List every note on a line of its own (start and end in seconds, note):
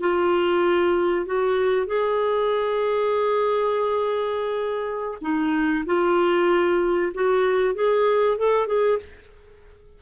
0.00 1.25 F4
1.25 1.87 F#4
1.87 5.18 G#4
5.21 5.84 D#4
5.86 7.12 F4
7.14 7.74 F#4
7.74 8.37 G#4
8.38 8.67 A4
8.67 8.99 G#4